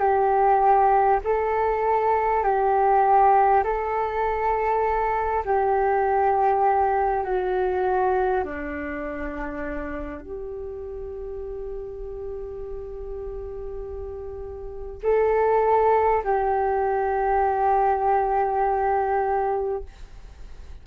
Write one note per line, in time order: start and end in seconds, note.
0.00 1.20 G4
1.24 2.44 A4
2.44 3.64 G4
3.64 5.44 A4
5.45 7.24 G4
7.24 8.44 F#4
8.44 10.21 D4
10.21 15.01 G4
15.04 16.24 A4
16.24 19.84 G4